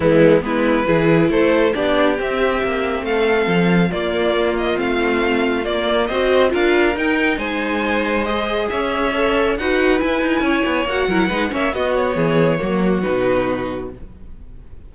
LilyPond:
<<
  \new Staff \with { instrumentName = "violin" } { \time 4/4 \tempo 4 = 138 e'4 b'2 c''4 | d''4 e''2 f''4~ | f''4 d''4. dis''8 f''4~ | f''4 d''4 dis''4 f''4 |
g''4 gis''2 dis''4 | e''2 fis''4 gis''4~ | gis''4 fis''4. e''8 dis''8 cis''8~ | cis''2 b'2 | }
  \new Staff \with { instrumentName = "violin" } { \time 4/4 b4 e'4 gis'4 a'4 | g'2. a'4~ | a'4 f'2.~ | f'2 c''4 ais'4~ |
ais'4 c''2. | cis''2 b'2 | cis''4. ais'8 b'8 cis''8 fis'4 | gis'4 fis'2. | }
  \new Staff \with { instrumentName = "viola" } { \time 4/4 gis4 b4 e'2 | d'4 c'2.~ | c'4 ais2 c'4~ | c'4 ais4 fis'4 f'4 |
dis'2. gis'4~ | gis'4 a'4 fis'4 e'4~ | e'4 fis'8 e'8 dis'8 cis'8 b4~ | b4 ais4 dis'2 | }
  \new Staff \with { instrumentName = "cello" } { \time 4/4 e4 gis4 e4 a4 | b4 c'4 ais4 a4 | f4 ais2 a4~ | a4 ais4 c'4 d'4 |
dis'4 gis2. | cis'2 dis'4 e'8 dis'8 | cis'8 b8 ais8 fis8 gis8 ais8 b4 | e4 fis4 b,2 | }
>>